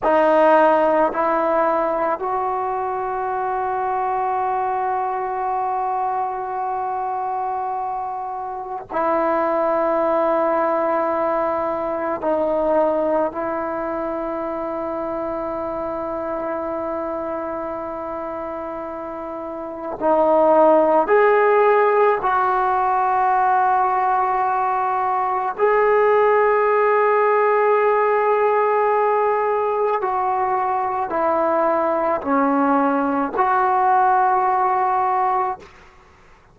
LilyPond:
\new Staff \with { instrumentName = "trombone" } { \time 4/4 \tempo 4 = 54 dis'4 e'4 fis'2~ | fis'1 | e'2. dis'4 | e'1~ |
e'2 dis'4 gis'4 | fis'2. gis'4~ | gis'2. fis'4 | e'4 cis'4 fis'2 | }